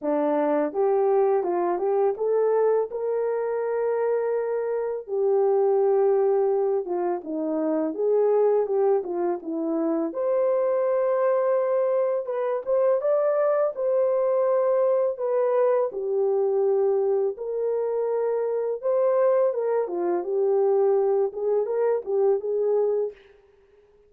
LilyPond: \new Staff \with { instrumentName = "horn" } { \time 4/4 \tempo 4 = 83 d'4 g'4 f'8 g'8 a'4 | ais'2. g'4~ | g'4. f'8 dis'4 gis'4 | g'8 f'8 e'4 c''2~ |
c''4 b'8 c''8 d''4 c''4~ | c''4 b'4 g'2 | ais'2 c''4 ais'8 f'8 | g'4. gis'8 ais'8 g'8 gis'4 | }